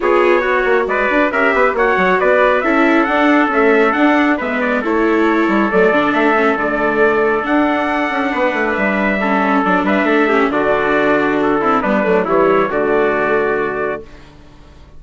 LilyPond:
<<
  \new Staff \with { instrumentName = "trumpet" } { \time 4/4 \tempo 4 = 137 cis''2 d''4 e''4 | fis''4 d''4 e''4 fis''4 | e''4 fis''4 e''8 d''8 cis''4~ | cis''4 d''4 e''4 d''4~ |
d''4 fis''2. | e''2 d''8 e''4. | d''2 a'4 b'4 | cis''4 d''2. | }
  \new Staff \with { instrumentName = "trumpet" } { \time 4/4 gis'4 fis'4 b'4 ais'8 b'8 | cis''4 b'4 a'2~ | a'2 b'4 a'4~ | a'1~ |
a'2. b'4~ | b'4 a'4. b'8 a'8 g'8 | fis'2~ fis'8 e'8 d'4 | e'4 fis'2. | }
  \new Staff \with { instrumentName = "viola" } { \time 4/4 f'4 fis'2 g'4 | fis'2 e'4 d'4 | a4 d'4 b4 e'4~ | e'4 a8 d'4 cis'8 a4~ |
a4 d'2.~ | d'4 cis'4 d'4. cis'8 | d'2~ d'8 c'8 b8 a8 | g4 a2. | }
  \new Staff \with { instrumentName = "bassoon" } { \time 4/4 b4. ais8 gis8 d'8 cis'8 b8 | ais8 fis8 b4 cis'4 d'4 | cis'4 d'4 gis4 a4~ | a8 g8 fis8 d8 a4 d4~ |
d4 d'4. cis'8 b8 a8 | g2 fis8 g8 a4 | d2. g8 fis8 | e4 d2. | }
>>